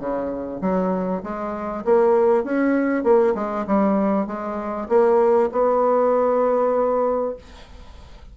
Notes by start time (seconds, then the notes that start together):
0.00 C#3
0.62 F#3
1.24 G#3
1.85 A#3
2.44 C#4
3.04 A#3
3.35 G#3
3.67 G3
4.27 G#3
4.89 A#3
5.52 B3